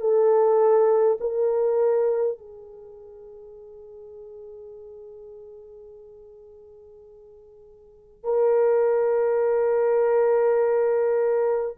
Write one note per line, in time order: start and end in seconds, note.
0.00 1.18 A4
1.20 2.37 A#4
2.37 8.24 G#4
8.24 11.76 A#4